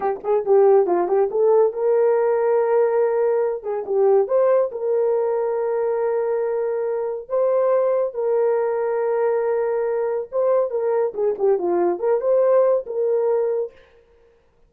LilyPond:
\new Staff \with { instrumentName = "horn" } { \time 4/4 \tempo 4 = 140 g'8 gis'8 g'4 f'8 g'8 a'4 | ais'1~ | ais'8 gis'8 g'4 c''4 ais'4~ | ais'1~ |
ais'4 c''2 ais'4~ | ais'1 | c''4 ais'4 gis'8 g'8 f'4 | ais'8 c''4. ais'2 | }